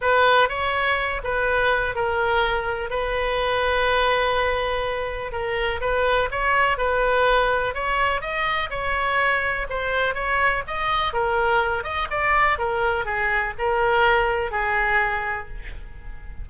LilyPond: \new Staff \with { instrumentName = "oboe" } { \time 4/4 \tempo 4 = 124 b'4 cis''4. b'4. | ais'2 b'2~ | b'2. ais'4 | b'4 cis''4 b'2 |
cis''4 dis''4 cis''2 | c''4 cis''4 dis''4 ais'4~ | ais'8 dis''8 d''4 ais'4 gis'4 | ais'2 gis'2 | }